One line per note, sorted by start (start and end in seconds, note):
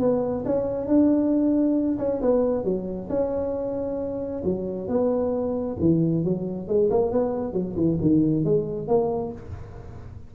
0.00 0.44 B3
0.46 0.87 C#4
0.87 1.99 D4
1.99 2.21 C#4
2.22 2.65 B3
2.65 3.09 F#3
3.10 4.43 C#4
4.44 4.88 F#3
4.88 5.77 B3
5.80 6.24 E3
6.25 6.68 F#3
6.68 6.90 G#3
6.91 7.12 A#3
7.12 7.54 B3
7.54 7.76 F#3
7.76 7.99 E3
8.01 8.45 D#3
8.45 8.88 G#3
8.88 9.32 A#3